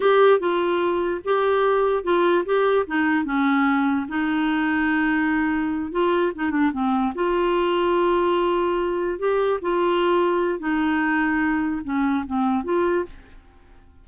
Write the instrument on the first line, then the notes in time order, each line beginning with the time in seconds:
clarinet
0.00 G4
0.39 F4
1.24 G4
2.03 F4
2.45 G4
2.87 D#4
3.24 C#4
4.08 D#4
5.91 F4
6.35 D#4
6.51 D4
6.72 C4
7.14 F4
9.18 G4
9.61 F4
10.59 D#4
11.84 C#4
12.26 C4
12.63 F4